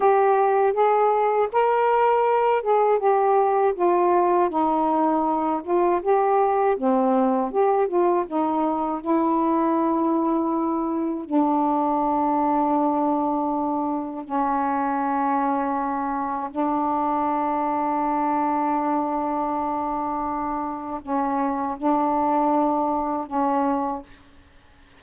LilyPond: \new Staff \with { instrumentName = "saxophone" } { \time 4/4 \tempo 4 = 80 g'4 gis'4 ais'4. gis'8 | g'4 f'4 dis'4. f'8 | g'4 c'4 g'8 f'8 dis'4 | e'2. d'4~ |
d'2. cis'4~ | cis'2 d'2~ | d'1 | cis'4 d'2 cis'4 | }